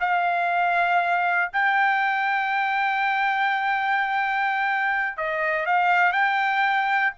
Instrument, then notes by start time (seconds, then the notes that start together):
trumpet
0.00 F5
1.53 G5
5.17 D#5
5.66 F5
6.12 G5